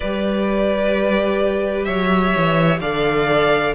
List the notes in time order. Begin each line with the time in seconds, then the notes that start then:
0.00 G3 G4 B4 D5
1.84 F#3 C#5 E5
2.36 E3
2.80 D3 A4 D5 F5